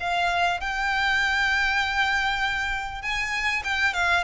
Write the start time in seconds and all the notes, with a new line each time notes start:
0.00 F5
0.60 G5
3.02 G#5
3.64 G5
3.94 F5